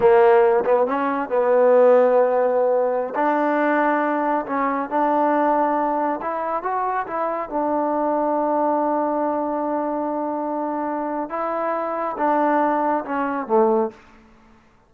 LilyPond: \new Staff \with { instrumentName = "trombone" } { \time 4/4 \tempo 4 = 138 ais4. b8 cis'4 b4~ | b2.~ b16 d'8.~ | d'2~ d'16 cis'4 d'8.~ | d'2~ d'16 e'4 fis'8.~ |
fis'16 e'4 d'2~ d'8.~ | d'1~ | d'2 e'2 | d'2 cis'4 a4 | }